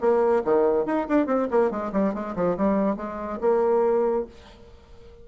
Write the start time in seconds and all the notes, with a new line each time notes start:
0.00 A#3
0.44 D#3
0.85 D#4
1.09 D4
1.26 C4
1.50 A#3
1.71 G#3
1.92 G3
2.14 G#3
2.35 F3
2.57 G3
2.96 G#3
3.41 A#3